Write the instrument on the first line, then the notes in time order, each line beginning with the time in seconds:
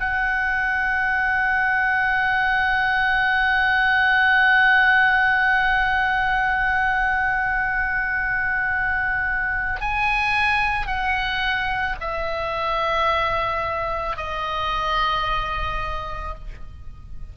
oboe
0.00 F#5
9.81 G#5
10.87 F#5
12.00 E5
14.17 D#5